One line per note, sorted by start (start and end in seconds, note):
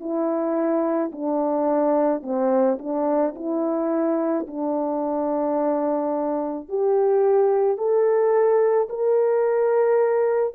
0.00 1.11 E4
1.12 2.22 D4
2.22 2.78 C4
2.79 3.34 D4
3.35 4.46 E4
4.47 6.69 D4
6.69 7.77 G4
7.77 8.88 A4
8.89 10.55 A#4